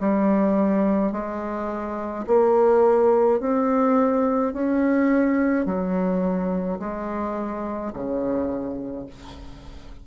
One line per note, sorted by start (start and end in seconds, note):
0.00 1.12 G3
1.12 2.25 G#3
2.27 3.40 A#3
3.40 4.53 C4
4.53 5.66 C#4
5.66 6.79 F#3
6.79 7.92 G#3
7.93 9.07 C#3